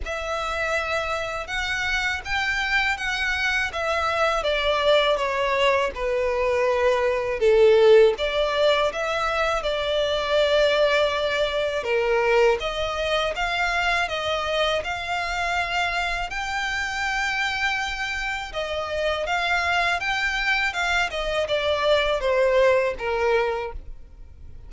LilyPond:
\new Staff \with { instrumentName = "violin" } { \time 4/4 \tempo 4 = 81 e''2 fis''4 g''4 | fis''4 e''4 d''4 cis''4 | b'2 a'4 d''4 | e''4 d''2. |
ais'4 dis''4 f''4 dis''4 | f''2 g''2~ | g''4 dis''4 f''4 g''4 | f''8 dis''8 d''4 c''4 ais'4 | }